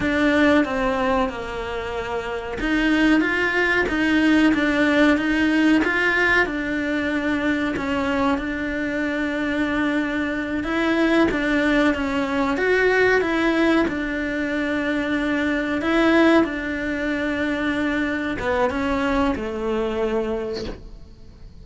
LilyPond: \new Staff \with { instrumentName = "cello" } { \time 4/4 \tempo 4 = 93 d'4 c'4 ais2 | dis'4 f'4 dis'4 d'4 | dis'4 f'4 d'2 | cis'4 d'2.~ |
d'8 e'4 d'4 cis'4 fis'8~ | fis'8 e'4 d'2~ d'8~ | d'8 e'4 d'2~ d'8~ | d'8 b8 cis'4 a2 | }